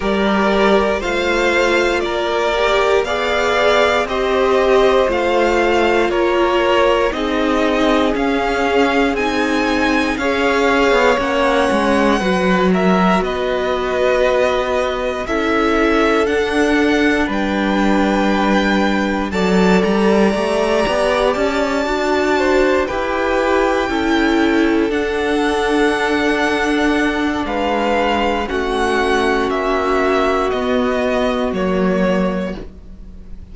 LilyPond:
<<
  \new Staff \with { instrumentName = "violin" } { \time 4/4 \tempo 4 = 59 d''4 f''4 d''4 f''4 | dis''4 f''4 cis''4 dis''4 | f''4 gis''4 f''4 fis''4~ | fis''8 e''8 dis''2 e''4 |
fis''4 g''2 a''8 ais''8~ | ais''4 a''4. g''4.~ | g''8 fis''2~ fis''8 f''4 | fis''4 e''4 dis''4 cis''4 | }
  \new Staff \with { instrumentName = "violin" } { \time 4/4 ais'4 c''4 ais'4 d''4 | c''2 ais'4 gis'4~ | gis'2 cis''2 | b'8 ais'8 b'2 a'4~ |
a'4 b'2 d''4~ | d''2 c''8 b'4 a'8~ | a'2. b'4 | fis'1 | }
  \new Staff \with { instrumentName = "viola" } { \time 4/4 g'4 f'4. g'8 gis'4 | g'4 f'2 dis'4 | cis'4 dis'4 gis'4 cis'4 | fis'2. e'4 |
d'2. a'4 | g'4. fis'4 g'4 e'8~ | e'8 d'2.~ d'8 | cis'2 b4 ais4 | }
  \new Staff \with { instrumentName = "cello" } { \time 4/4 g4 a4 ais4 b4 | c'4 a4 ais4 c'4 | cis'4 c'4 cis'8. b16 ais8 gis8 | fis4 b2 cis'4 |
d'4 g2 fis8 g8 | a8 b8 cis'8 d'4 e'4 cis'8~ | cis'8 d'2~ d'8 gis4 | a4 ais4 b4 fis4 | }
>>